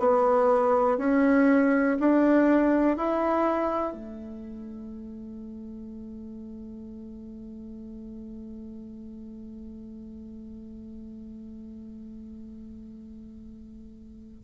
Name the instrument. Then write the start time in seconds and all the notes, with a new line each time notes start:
bassoon
0.00 B3
0.98 C#4
2.00 D4
2.97 E4
3.94 A3